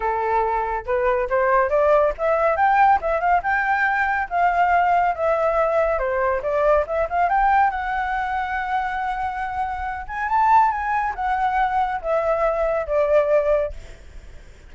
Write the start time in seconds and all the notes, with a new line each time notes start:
0.00 A4
0.85 B4
1.29 C5
1.69 D5
2.17 E5
2.56 G5
3.01 E5
3.20 F5
3.42 G5
4.29 F5
5.15 E5
5.98 C5
6.42 D5
6.86 E5
7.09 F5
7.29 G5
7.70 F#5
10.07 G#5
10.28 A5
10.71 G#5
11.15 F#5
12.01 E5
12.86 D5